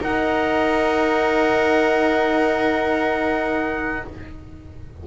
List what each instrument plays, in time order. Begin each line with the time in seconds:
0.00 double bass D#4, horn D#4, viola A#4, trumpet F#5